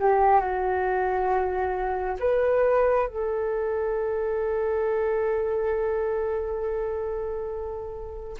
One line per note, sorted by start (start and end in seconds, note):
0.00 0.41 G4
0.41 2.17 F#4
2.20 3.08 B4
3.08 8.37 A4